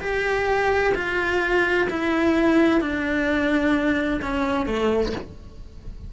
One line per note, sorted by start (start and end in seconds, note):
0.00 0.93 G4
0.94 1.87 F4
1.90 2.81 E4
2.81 4.20 D4
4.22 4.66 C#4
4.66 5.12 A3